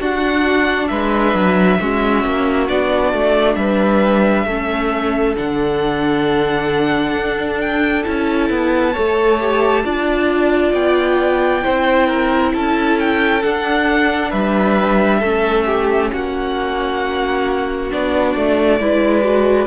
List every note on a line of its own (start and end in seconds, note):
0.00 0.90 D4
0.00 1.80 D4
0.00 0.90 F#4
0.00 0.88 F#5
0.88 1.35 G#3
0.88 1.80 B4
0.88 2.67 E5
1.35 1.79 F#3
1.80 2.24 G#3
1.80 2.68 C#4
1.80 3.59 F#4
2.24 2.69 A#3
2.68 3.13 B3
2.68 4.47 D4
2.68 3.56 D5
3.13 3.56 A3
3.56 4.46 G3
3.56 4.46 B4
3.56 5.35 E5
4.46 5.35 A3
4.46 5.36 C#4
4.46 8.93 A4
5.36 7.16 D3
5.36 8.05 D4
5.36 7.61 F#5
7.16 8.05 D4
7.61 8.04 G5
8.04 8.50 C#4
8.04 8.94 E4
8.04 10.73 A5
8.50 8.95 B3
8.93 9.85 A3
8.93 9.40 A4
8.93 9.83 C#5
9.40 9.85 G4
9.85 10.74 D4
9.85 11.63 F4
9.85 11.64 D5
10.74 11.63 B3
10.74 12.53 G5
11.63 12.55 C4
11.63 13.42 E4
11.63 12.08 C5
12.08 12.53 A#4
12.54 13.44 C#4
12.54 14.30 A4
12.54 13.00 A5
13.00 13.43 G5
13.43 15.22 D4
13.43 14.33 D4
13.43 14.31 F#5
14.30 15.22 G3
14.30 15.20 B4
14.30 16.10 E5
15.20 16.12 A3
15.20 17.91 C#4
15.20 15.65 A4
15.66 16.11 G4
16.13 17.92 A#3
16.13 18.81 F#4
16.13 17.93 F#5
17.91 18.36 B3
17.91 18.80 D4
17.91 19.67 D5
18.36 18.80 A3
18.80 19.67 G#3
18.80 19.23 E4
18.80 19.67 B4
19.23 19.67 F#4